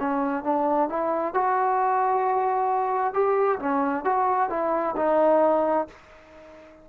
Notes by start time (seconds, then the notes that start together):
0.00 C#4
0.44 D4
0.90 E4
1.34 F#4
3.14 G4
3.60 C#4
4.05 F#4
4.50 E4
4.97 D#4